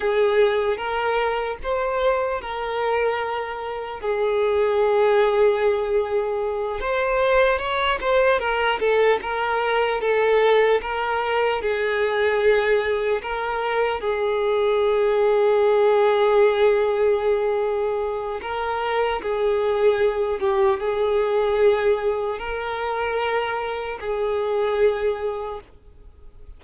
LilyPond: \new Staff \with { instrumentName = "violin" } { \time 4/4 \tempo 4 = 75 gis'4 ais'4 c''4 ais'4~ | ais'4 gis'2.~ | gis'8 c''4 cis''8 c''8 ais'8 a'8 ais'8~ | ais'8 a'4 ais'4 gis'4.~ |
gis'8 ais'4 gis'2~ gis'8~ | gis'2. ais'4 | gis'4. g'8 gis'2 | ais'2 gis'2 | }